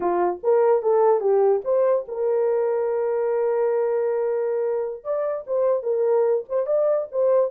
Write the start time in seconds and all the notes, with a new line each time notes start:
0.00 F4
0.43 A#4
0.82 A4
1.20 G4
1.64 C5
2.08 A#4
5.03 D5
5.46 C5
5.82 A#4
6.48 C5
6.66 D5
7.11 C5